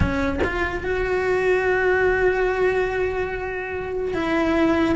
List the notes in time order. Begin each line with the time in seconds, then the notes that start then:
0.00 C#4
0.43 F4
0.83 F#4
4.14 E4